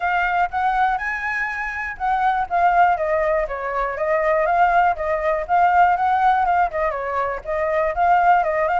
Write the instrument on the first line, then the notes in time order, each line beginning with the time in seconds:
flute
0.00 F5
0.50 F#5
0.97 G#5
1.97 F#5
2.49 F5
2.97 D#5
3.48 C#5
3.97 D#5
4.46 F5
4.95 D#5
5.47 F5
5.96 F#5
6.45 F5
6.70 D#5
6.91 C#5
7.44 D#5
7.95 F5
8.43 D#5
8.68 F5